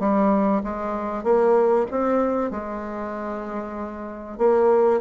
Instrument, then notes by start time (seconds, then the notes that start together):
bassoon
0.00 G3
0.64 G#3
1.24 A#3
1.91 C4
2.51 G#3
4.39 A#3